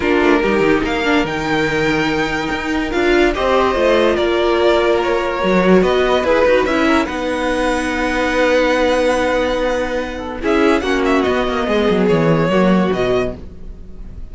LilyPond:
<<
  \new Staff \with { instrumentName = "violin" } { \time 4/4 \tempo 4 = 144 ais'2 f''4 g''4~ | g''2. f''4 | dis''2 d''2 | cis''2 dis''4 b'4 |
e''4 fis''2.~ | fis''1~ | fis''4 e''4 fis''8 e''8 dis''4~ | dis''4 cis''2 dis''4 | }
  \new Staff \with { instrumentName = "violin" } { \time 4/4 f'4 g'4 ais'2~ | ais'1 | c''2 ais'2~ | ais'2 b'2~ |
b'8 ais'8 b'2.~ | b'1~ | b'8 a'8 gis'4 fis'2 | gis'2 fis'2 | }
  \new Staff \with { instrumentName = "viola" } { \time 4/4 d'4 dis'4. d'8 dis'4~ | dis'2. f'4 | g'4 f'2.~ | f'4 fis'2 gis'8 fis'8 |
e'4 dis'2.~ | dis'1~ | dis'4 e'4 cis'4 b4~ | b2 ais4 fis4 | }
  \new Staff \with { instrumentName = "cello" } { \time 4/4 ais8 a8 g8 dis8 ais4 dis4~ | dis2 dis'4 d'4 | c'4 a4 ais2~ | ais4 fis4 b4 e'8 dis'8 |
cis'4 b2.~ | b1~ | b4 cis'4 ais4 b8 ais8 | gis8 fis8 e4 fis4 b,4 | }
>>